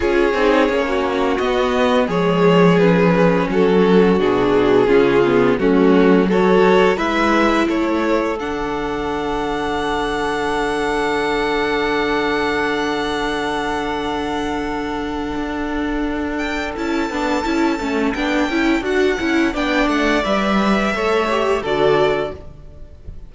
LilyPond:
<<
  \new Staff \with { instrumentName = "violin" } { \time 4/4 \tempo 4 = 86 cis''2 dis''4 cis''4 | b'4 a'4 gis'2 | fis'4 cis''4 e''4 cis''4 | fis''1~ |
fis''1~ | fis''2.~ fis''8 g''8 | a''2 g''4 fis''4 | g''8 fis''8 e''2 d''4 | }
  \new Staff \with { instrumentName = "violin" } { \time 4/4 gis'4~ gis'16 fis'4.~ fis'16 gis'4~ | gis'4 fis'2 f'4 | cis'4 a'4 b'4 a'4~ | a'1~ |
a'1~ | a'1~ | a'1 | d''2 cis''4 a'4 | }
  \new Staff \with { instrumentName = "viola" } { \time 4/4 f'8 dis'8 cis'4 b4 gis4 | cis'2 d'4 cis'8 b8 | a4 fis'4 e'2 | d'1~ |
d'1~ | d'1 | e'8 d'8 e'8 cis'8 d'8 e'8 fis'8 e'8 | d'4 b'4 a'8 g'8 fis'4 | }
  \new Staff \with { instrumentName = "cello" } { \time 4/4 cis'8 c'8 ais4 b4 f4~ | f4 fis4 b,4 cis4 | fis2 gis4 a4 | d1~ |
d1~ | d2 d'2 | cis'8 b8 cis'8 a8 b8 cis'8 d'8 cis'8 | b8 a8 g4 a4 d4 | }
>>